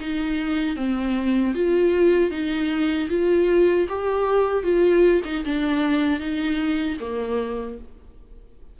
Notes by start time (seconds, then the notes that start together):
0.00 D#4
0.76 C4
1.54 F4
2.30 D#4
3.09 F4
3.88 G4
4.63 F4
5.24 D#4
5.45 D4
6.19 D#4
7.00 A#3